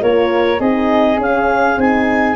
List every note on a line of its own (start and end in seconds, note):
0.00 0.59 A#3
0.00 0.59 F4
0.00 0.59 A#4
0.00 0.60 C#5
0.59 1.17 C4
0.59 1.18 D#4
0.59 2.35 G#4
0.59 1.19 D#5
1.17 1.76 C#4
1.17 1.80 F5
1.77 2.35 C4
1.77 2.35 D#4
1.77 2.35 G#5